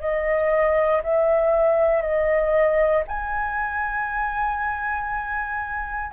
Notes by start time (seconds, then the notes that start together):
0.00 D#5
1.03 E5
2.02 D#5
3.07 G#5